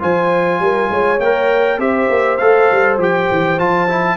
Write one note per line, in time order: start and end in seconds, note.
0.00 0.60 F3
0.00 1.19 F4
0.00 0.61 C5
0.00 1.21 G#5
0.60 0.90 G3
0.60 0.91 A#4
0.90 1.20 G#3
0.90 1.79 C#5
1.20 1.79 A#3
1.20 1.80 A#4
1.20 1.80 G5
1.79 2.08 C4
1.79 2.39 G4
1.79 4.17 C5
1.79 2.38 E5
2.10 2.39 A#3
2.38 2.71 A3
2.38 3.00 A4
2.38 2.97 F5
2.72 2.98 G3
2.98 3.28 F3
2.98 3.59 G4
2.98 3.60 G5
3.32 3.60 E3
3.59 4.17 F3
3.59 3.89 F4
3.59 4.17 A5
3.89 4.17 E4